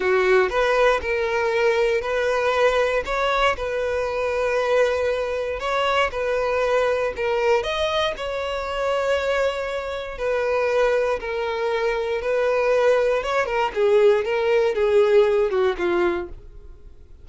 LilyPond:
\new Staff \with { instrumentName = "violin" } { \time 4/4 \tempo 4 = 118 fis'4 b'4 ais'2 | b'2 cis''4 b'4~ | b'2. cis''4 | b'2 ais'4 dis''4 |
cis''1 | b'2 ais'2 | b'2 cis''8 ais'8 gis'4 | ais'4 gis'4. fis'8 f'4 | }